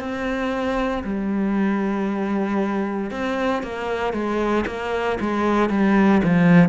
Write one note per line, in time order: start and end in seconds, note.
0.00 1.03 C4
1.04 3.11 G3
3.11 3.63 C4
3.63 4.13 A#3
4.13 4.65 G#3
4.67 5.19 A#3
5.21 5.70 G#3
5.70 6.22 G3
6.24 6.69 F3